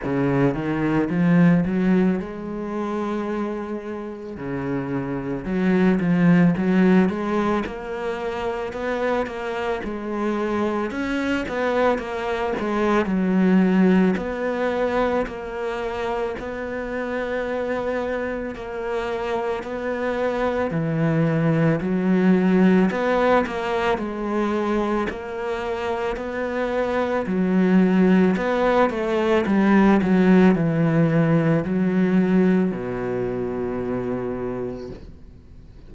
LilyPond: \new Staff \with { instrumentName = "cello" } { \time 4/4 \tempo 4 = 55 cis8 dis8 f8 fis8 gis2 | cis4 fis8 f8 fis8 gis8 ais4 | b8 ais8 gis4 cis'8 b8 ais8 gis8 | fis4 b4 ais4 b4~ |
b4 ais4 b4 e4 | fis4 b8 ais8 gis4 ais4 | b4 fis4 b8 a8 g8 fis8 | e4 fis4 b,2 | }